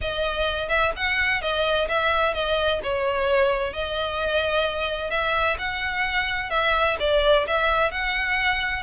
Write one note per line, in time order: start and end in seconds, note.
0.01 0.68 D#5
0.68 0.92 E5
0.96 1.41 F#5
1.41 1.88 D#5
1.88 2.33 E5
2.33 2.80 D#5
2.83 3.73 C#5
3.73 5.10 D#5
5.10 5.57 E5
5.58 6.50 F#5
6.50 6.96 E5
6.99 7.46 D5
7.47 7.91 E5
7.91 8.82 F#5